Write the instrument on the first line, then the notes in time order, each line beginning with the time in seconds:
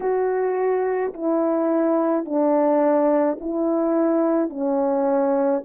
horn
0.00 F#4
1.13 E4
2.25 D4
3.40 E4
4.49 C#4